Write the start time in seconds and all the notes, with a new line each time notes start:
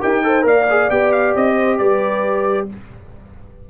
0.00 D#4 G4 A#4 G5
0.23 A4 C5
0.42 A#3 A#4 D5 F5
0.70 G#4
0.90 B3 G4 G5
1.12 F5
1.35 C4 D#5
1.56 C5
1.78 G3 B4 D5